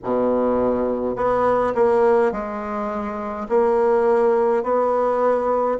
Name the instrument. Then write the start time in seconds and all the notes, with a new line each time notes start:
bassoon
0.03 B2
1.15 B3
1.74 A#3
2.31 G#3
3.48 A#3
4.63 B3